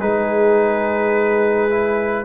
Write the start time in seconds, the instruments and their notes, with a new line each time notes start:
0.00 tuba G#3, trombone D#4, horn G#4, trumpet B4
1.70 trombone E4